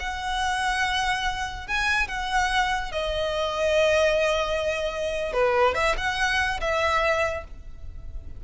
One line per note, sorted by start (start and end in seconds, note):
0.00 1.67 F#5
1.67 2.08 G#5
2.08 2.92 F#5
2.92 5.33 D#5
5.33 5.75 B4
5.75 5.96 E5
5.98 6.60 F#5
6.61 7.45 E5